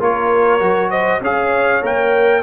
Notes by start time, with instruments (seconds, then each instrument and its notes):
0.00 tuba A#3, trombone F4, horn A#4, trumpet C#5
0.60 tuba F#3, trombone F#4
0.91 horn C5, trumpet D#5
1.21 tuba C#4, trombone G#4, horn C#5, trumpet F5
1.82 tuba A#3, trombone A#4, trumpet G5